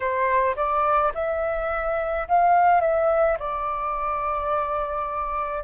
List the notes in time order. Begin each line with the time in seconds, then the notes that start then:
0.00 C5
0.56 D5
1.14 E5
2.27 F5
2.80 E5
3.39 D5